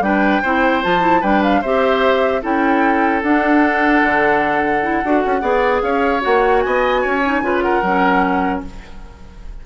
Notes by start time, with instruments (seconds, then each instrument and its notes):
0.00 bassoon G3, clarinet D4, oboe B4, flute G5
0.42 bassoon C4, clarinet E4, oboe C5
0.83 bassoon F3, clarinet F4, flute A5
1.01 clarinet E4
1.20 bassoon G3, clarinet D4, oboe B4, flute G5
1.43 flute F5
1.61 bassoon C4, clarinet G4, oboe C5, flute E5
2.42 bassoon C#4, clarinet E4, oboe A4, flute G5
3.22 bassoon D4, clarinet D4, flute F#5
4.03 bassoon D3
4.82 clarinet E4
5.04 bassoon D4, clarinet F#4
5.25 bassoon C#4
5.41 bassoon B3, clarinet G#4, oboe D5
5.82 bassoon C#4, oboe C#5, flute F5
6.20 bassoon A#3, clarinet F#4, flute F#5
6.60 bassoon B3, oboe D#5, flute G#5
7.01 bassoon C#4, oboe C#5
7.25 clarinet D#4
7.41 bassoon C#3, clarinet F4, oboe B4
7.61 oboe A#4, flute F#5
7.82 bassoon F#3, clarinet C#4